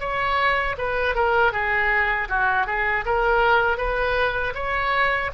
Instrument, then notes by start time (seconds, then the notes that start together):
oboe
0.00 C#5
0.78 B4
1.15 A#4
1.53 G#4
2.29 F#4
2.67 G#4
3.06 A#4
3.78 B4
4.55 C#5